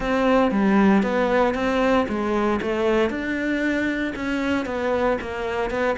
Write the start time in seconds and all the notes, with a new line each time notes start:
0.00 C4
0.51 G3
1.03 B3
1.54 C4
2.08 G#3
2.61 A3
3.09 D4
4.15 C#4
4.65 B3
5.21 A#3
5.70 B3